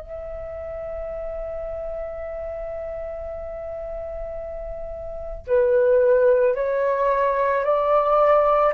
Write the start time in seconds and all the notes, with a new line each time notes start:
0.00 E5
5.46 B4
6.55 C#5
7.64 D5